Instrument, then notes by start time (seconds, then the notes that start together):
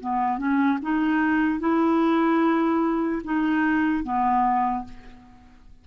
clarinet
0.00 B3
0.38 C#4
0.82 D#4
1.59 E4
3.24 D#4
4.03 B3